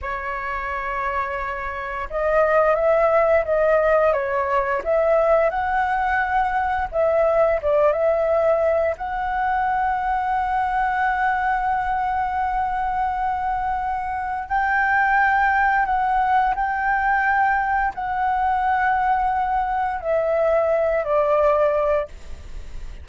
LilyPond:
\new Staff \with { instrumentName = "flute" } { \time 4/4 \tempo 4 = 87 cis''2. dis''4 | e''4 dis''4 cis''4 e''4 | fis''2 e''4 d''8 e''8~ | e''4 fis''2.~ |
fis''1~ | fis''4 g''2 fis''4 | g''2 fis''2~ | fis''4 e''4. d''4. | }